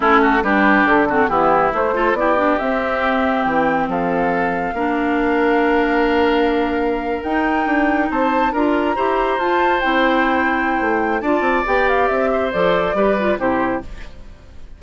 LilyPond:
<<
  \new Staff \with { instrumentName = "flute" } { \time 4/4 \tempo 4 = 139 a'4 b'4 a'4 g'4 | c''4 d''4 e''2 | g''4 f''2.~ | f''1~ |
f''8. g''2 a''4 ais''16~ | ais''4.~ ais''16 a''4 g''4~ g''16~ | g''2 a''4 g''8 f''8 | e''4 d''2 c''4 | }
  \new Staff \with { instrumentName = "oboe" } { \time 4/4 e'8 fis'8 g'4. fis'8 e'4~ | e'8 a'8 g'2.~ | g'4 a'2 ais'4~ | ais'1~ |
ais'2~ ais'8. c''4 ais'16~ | ais'8. c''2.~ c''16~ | c''2 d''2~ | d''8 c''4. b'4 g'4 | }
  \new Staff \with { instrumentName = "clarinet" } { \time 4/4 cis'4 d'4. c'8 b4 | a8 f'8 e'8 d'8 c'2~ | c'2. d'4~ | d'1~ |
d'8. dis'2. f'16~ | f'8. g'4 f'4 e'4~ e'16~ | e'2 f'4 g'4~ | g'4 a'4 g'8 f'8 e'4 | }
  \new Staff \with { instrumentName = "bassoon" } { \time 4/4 a4 g4 d4 e4 | a4 b4 c'2 | e4 f2 ais4~ | ais1~ |
ais8. dis'4 d'4 c'4 d'16~ | d'8. e'4 f'4 c'4~ c'16~ | c'4 a4 d'8 c'8 b4 | c'4 f4 g4 c4 | }
>>